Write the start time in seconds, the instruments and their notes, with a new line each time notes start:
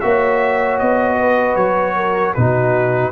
0.00 tuba A#3, trombone F#4, horn C#5, trumpet E5
0.79 tuba B3, trumpet D#5
1.19 horn B4
1.55 tuba F#3, trumpet C#5
1.96 horn A#4
2.34 tuba B2, trombone D#4, horn F#4, trumpet B4